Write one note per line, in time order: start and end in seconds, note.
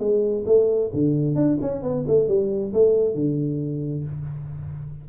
0.00 0.45 G#3
0.46 0.91 A3
0.93 1.36 D3
1.36 1.58 D4
1.62 1.83 C#4
1.83 2.05 B3
2.08 2.28 A3
2.28 2.73 G3
2.74 3.15 A3
3.15 4.05 D3